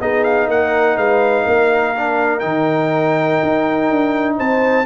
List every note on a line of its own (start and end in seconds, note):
0.00 0.48 B3
0.00 1.95 D#4
0.00 0.47 G#4
0.00 0.24 D#5
0.24 0.48 F5
0.47 0.97 A#3
0.47 0.96 A#4
0.47 0.97 F#5
0.97 1.45 G#3
0.97 1.43 B4
0.97 2.39 F5
1.43 2.43 A#3
1.43 4.36 A#4
1.96 2.41 D4
2.39 3.41 D#3
2.39 4.85 D#4
2.39 4.34 G5
3.42 3.90 D#4
3.90 4.39 D4
4.37 4.85 C4
4.37 4.85 C5
4.37 4.85 A5